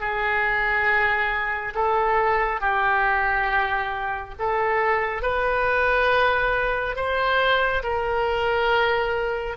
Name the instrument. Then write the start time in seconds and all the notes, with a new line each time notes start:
oboe
0.00 G#4
1.75 A4
2.61 G4
4.39 A4
5.22 B4
6.96 C5
7.83 A#4